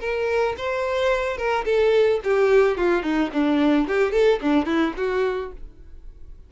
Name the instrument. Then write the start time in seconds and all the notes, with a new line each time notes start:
violin
0.00 A#4
0.57 C5
1.37 A#4
1.65 A4
2.23 G4
2.77 F4
3.03 D#4
3.33 D4
3.88 G4
4.12 A4
4.41 D4
4.66 E4
4.97 F#4